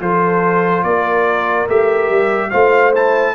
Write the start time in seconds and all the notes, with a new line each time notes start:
0.00 F3 F4 A4 C5
0.83 A#3 A#4 D5
1.68 A3 G4 E5
2.10 G3
2.50 A3 F4 C5 F5
2.94 E4 A5